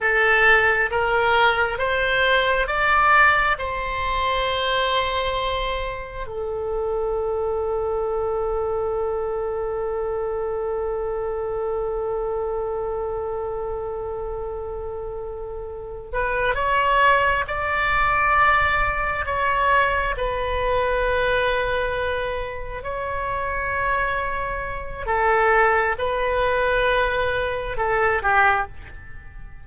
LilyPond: \new Staff \with { instrumentName = "oboe" } { \time 4/4 \tempo 4 = 67 a'4 ais'4 c''4 d''4 | c''2. a'4~ | a'1~ | a'1~ |
a'2 b'8 cis''4 d''8~ | d''4. cis''4 b'4.~ | b'4. cis''2~ cis''8 | a'4 b'2 a'8 g'8 | }